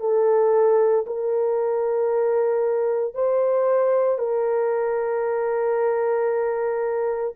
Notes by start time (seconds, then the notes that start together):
0.00 A4
1.06 A#4
3.15 C5
4.19 A#4